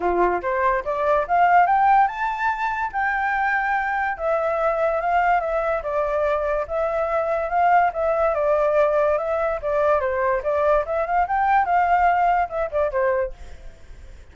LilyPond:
\new Staff \with { instrumentName = "flute" } { \time 4/4 \tempo 4 = 144 f'4 c''4 d''4 f''4 | g''4 a''2 g''4~ | g''2 e''2 | f''4 e''4 d''2 |
e''2 f''4 e''4 | d''2 e''4 d''4 | c''4 d''4 e''8 f''8 g''4 | f''2 e''8 d''8 c''4 | }